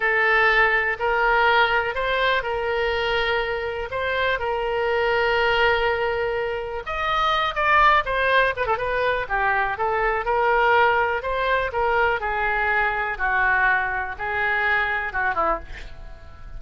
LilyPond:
\new Staff \with { instrumentName = "oboe" } { \time 4/4 \tempo 4 = 123 a'2 ais'2 | c''4 ais'2. | c''4 ais'2.~ | ais'2 dis''4. d''8~ |
d''8 c''4 b'16 a'16 b'4 g'4 | a'4 ais'2 c''4 | ais'4 gis'2 fis'4~ | fis'4 gis'2 fis'8 e'8 | }